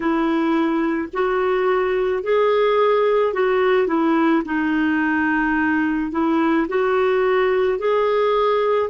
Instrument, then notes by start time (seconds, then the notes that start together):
clarinet
0.00 E4
1.13 F#4
2.23 G#4
3.33 F#4
3.87 E4
4.45 D#4
6.11 E4
6.68 F#4
7.78 G#4